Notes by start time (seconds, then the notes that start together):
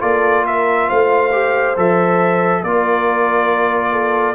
0.00 A#3 F4 A4 D5
0.46 A#4 E5
0.89 A3 C5 F5
1.32 G4
1.77 F3 A4 E5
2.63 A#3 F4 A#4 D5
3.92 A4